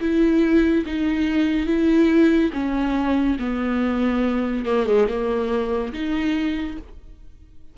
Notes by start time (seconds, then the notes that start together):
0.00 E4
0.86 D#4
1.66 E4
2.53 C#4
3.39 B3
4.66 A#3
4.86 G#3
5.08 A#3
5.93 D#4